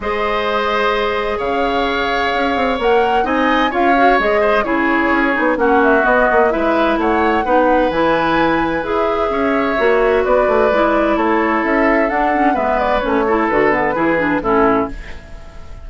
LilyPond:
<<
  \new Staff \with { instrumentName = "flute" } { \time 4/4 \tempo 4 = 129 dis''2. f''4~ | f''2 fis''4 gis''4 | f''4 dis''4 cis''2 | fis''8 e''8 dis''4 e''4 fis''4~ |
fis''4 gis''2 e''4~ | e''2 d''2 | cis''4 e''4 fis''4 e''8 d''8 | cis''4 b'2 a'4 | }
  \new Staff \with { instrumentName = "oboe" } { \time 4/4 c''2. cis''4~ | cis''2. dis''4 | cis''4. c''8 gis'2 | fis'2 b'4 cis''4 |
b'1 | cis''2 b'2 | a'2. b'4~ | b'8 a'4. gis'4 e'4 | }
  \new Staff \with { instrumentName = "clarinet" } { \time 4/4 gis'1~ | gis'2 ais'4 dis'4 | f'8 fis'8 gis'4 e'4. dis'8 | cis'4 b4 e'2 |
dis'4 e'2 gis'4~ | gis'4 fis'2 e'4~ | e'2 d'8 cis'8 b4 | cis'8 e'8 fis'8 b8 e'8 d'8 cis'4 | }
  \new Staff \with { instrumentName = "bassoon" } { \time 4/4 gis2. cis4~ | cis4 cis'8 c'8 ais4 c'4 | cis'4 gis4 cis4 cis'8 b8 | ais4 b8 ais8 gis4 a4 |
b4 e2 e'4 | cis'4 ais4 b8 a8 gis4 | a4 cis'4 d'4 gis4 | a4 d4 e4 a,4 | }
>>